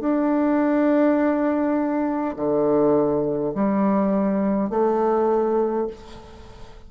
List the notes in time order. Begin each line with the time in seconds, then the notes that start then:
0.00 D4
2.36 D3
3.55 G3
4.70 A3